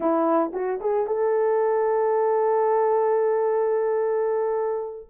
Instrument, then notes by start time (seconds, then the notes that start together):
horn
0.00 E4
0.53 F#4
0.80 G#4
1.06 A4